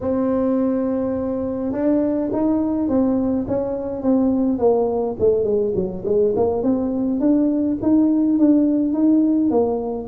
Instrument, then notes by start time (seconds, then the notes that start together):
tuba
0.00 C4
1.72 D4
2.32 D#4
2.88 C4
3.47 C#4
4.02 C4
4.58 A#3
5.19 A3
5.44 G#3
5.75 F#3
6.05 G#3
6.36 A#3
6.62 C4
7.20 D4
7.81 D#4
8.38 D4
8.93 D#4
9.50 A#3